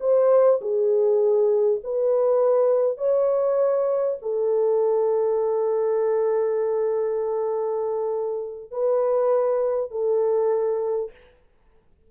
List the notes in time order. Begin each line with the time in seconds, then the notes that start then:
0.00 C5
0.61 G#4
1.84 B4
2.98 C#5
4.22 A4
8.71 B4
9.91 A4